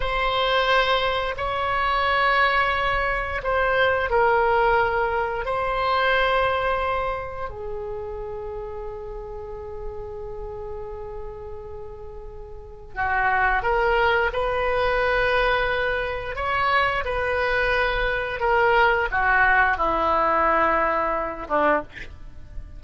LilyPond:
\new Staff \with { instrumentName = "oboe" } { \time 4/4 \tempo 4 = 88 c''2 cis''2~ | cis''4 c''4 ais'2 | c''2. gis'4~ | gis'1~ |
gis'2. fis'4 | ais'4 b'2. | cis''4 b'2 ais'4 | fis'4 e'2~ e'8 d'8 | }